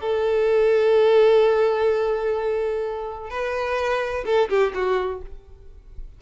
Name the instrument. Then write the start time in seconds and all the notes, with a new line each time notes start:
violin
0.00 A4
3.30 B4
4.25 A4
4.49 G4
4.74 F#4